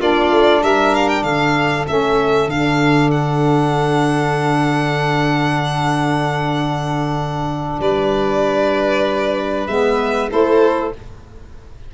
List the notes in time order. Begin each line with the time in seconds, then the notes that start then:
0.00 A#3 D4 F4 D5
0.31 A3
0.62 G3 A#4 E5
0.94 F5
1.09 G5
1.23 D3 A4 F5
1.87 A3 C#4 E5
2.47 D3 D4 F5
3.11 F#5
7.80 G3 B4 D5
9.67 G#3 B3 E5
10.29 A3 E4 A4 C5